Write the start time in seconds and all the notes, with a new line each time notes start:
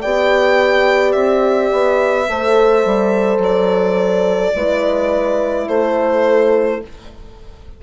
0.00 B3 G4 D5 G5
1.12 C4 E5
1.72 B3
2.28 A3 A4 C5
2.85 G3
3.38 F#3 D5
4.55 G#3 E4 B4
5.68 A3 A4 C5